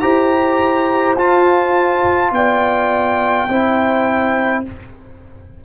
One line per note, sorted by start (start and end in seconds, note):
0.00 1.16 E4
0.00 1.16 G4
0.00 2.32 C5
0.00 1.15 A#5
1.16 2.31 F4
1.16 3.48 F4
1.16 2.33 A5
2.31 3.47 B3
2.31 3.49 D5
2.31 4.64 G5
3.48 4.63 C4
3.48 4.64 E4
3.48 4.64 C5